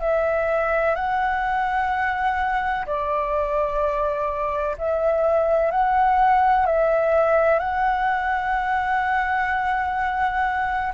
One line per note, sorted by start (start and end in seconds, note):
0.00 0.95 E5
0.95 2.86 F#5
2.86 4.77 D5
4.78 5.71 E5
5.71 6.66 F#5
6.66 7.59 E5
7.59 10.93 F#5